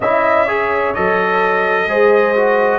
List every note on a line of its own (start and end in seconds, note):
0.00 0.94 C#4
0.00 0.47 E4
0.00 0.45 D#5
0.00 0.94 E5
0.45 0.94 G#4
0.45 1.85 C#5
0.94 1.86 F#3
0.94 1.88 A4
0.94 2.79 D#5
1.86 2.79 G#3
1.86 2.35 G#4
1.86 2.79 C5
2.35 2.79 F#4